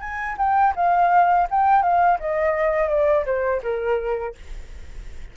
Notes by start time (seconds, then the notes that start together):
0.00 G#5
0.38 G5
0.76 F5
1.50 G5
1.82 F5
2.20 D#5
2.89 D5
3.25 C5
3.63 A#4